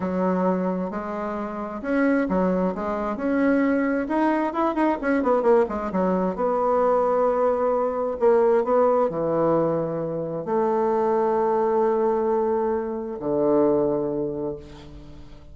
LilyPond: \new Staff \with { instrumentName = "bassoon" } { \time 4/4 \tempo 4 = 132 fis2 gis2 | cis'4 fis4 gis4 cis'4~ | cis'4 dis'4 e'8 dis'8 cis'8 b8 | ais8 gis8 fis4 b2~ |
b2 ais4 b4 | e2. a4~ | a1~ | a4 d2. | }